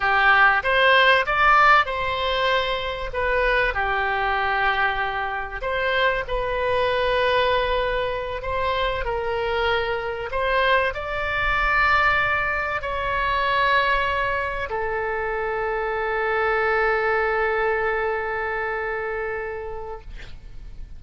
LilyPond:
\new Staff \with { instrumentName = "oboe" } { \time 4/4 \tempo 4 = 96 g'4 c''4 d''4 c''4~ | c''4 b'4 g'2~ | g'4 c''4 b'2~ | b'4. c''4 ais'4.~ |
ais'8 c''4 d''2~ d''8~ | d''8 cis''2. a'8~ | a'1~ | a'1 | }